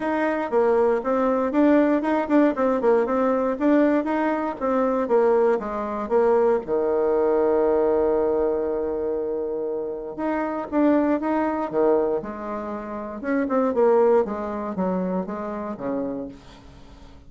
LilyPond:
\new Staff \with { instrumentName = "bassoon" } { \time 4/4 \tempo 4 = 118 dis'4 ais4 c'4 d'4 | dis'8 d'8 c'8 ais8 c'4 d'4 | dis'4 c'4 ais4 gis4 | ais4 dis2.~ |
dis1 | dis'4 d'4 dis'4 dis4 | gis2 cis'8 c'8 ais4 | gis4 fis4 gis4 cis4 | }